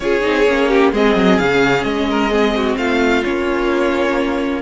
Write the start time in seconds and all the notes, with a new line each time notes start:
0.00 C#4 F4 G#4 C#5
0.20 C4 D#4
0.47 A#3 C#4
0.68 G4
0.92 G#3 C4 G#4 D#5
1.15 F#3
1.38 C#3 C#4 F5
1.83 G#3 D#5
2.10 A#4
2.30 C4 G#4
2.55 F#4
2.77 A3 F4 F5
3.23 A#3 C#4 C#5